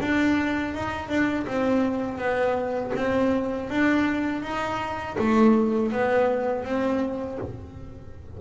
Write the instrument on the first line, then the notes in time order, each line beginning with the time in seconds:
double bass
0.00 D4
0.74 D#4
1.09 D4
1.46 C4
2.18 B3
2.95 C4
3.69 D4
4.42 D#4
5.18 A3
5.92 B3
6.64 C4